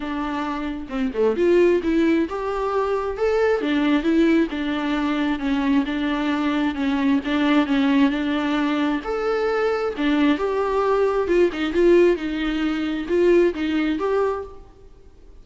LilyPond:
\new Staff \with { instrumentName = "viola" } { \time 4/4 \tempo 4 = 133 d'2 c'8 a8 f'4 | e'4 g'2 a'4 | d'4 e'4 d'2 | cis'4 d'2 cis'4 |
d'4 cis'4 d'2 | a'2 d'4 g'4~ | g'4 f'8 dis'8 f'4 dis'4~ | dis'4 f'4 dis'4 g'4 | }